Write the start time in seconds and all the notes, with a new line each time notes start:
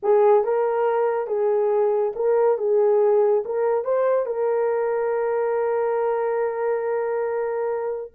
0.02 G#4
0.44 A#4
1.27 G#4
2.15 A#4
2.58 G#4
3.45 A#4
3.84 C5
4.26 A#4